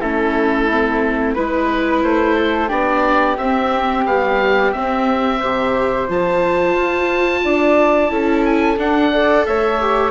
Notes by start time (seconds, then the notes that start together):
0.00 A3 C#4 E4 A4
0.70 C4
1.34 G#3 E4 B4
2.03 A3 C5
2.36 A4
2.68 B3 D4 G4 D5
3.37 C4 E5
3.43 C4
4.05 G3 B3 F5
4.72 C4 E5
5.39 C3 G4 C5
6.08 F3 F4 A5
6.75 F4
7.44 D4 D5
8.09 C#4 E4 A4
8.45 G#5
8.78 D4 F#5
9.12 A4 D5
9.46 A3 C#5 E5
9.80 G4